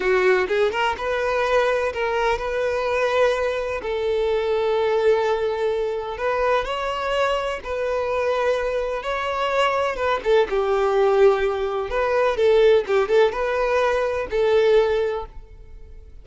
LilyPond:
\new Staff \with { instrumentName = "violin" } { \time 4/4 \tempo 4 = 126 fis'4 gis'8 ais'8 b'2 | ais'4 b'2. | a'1~ | a'4 b'4 cis''2 |
b'2. cis''4~ | cis''4 b'8 a'8 g'2~ | g'4 b'4 a'4 g'8 a'8 | b'2 a'2 | }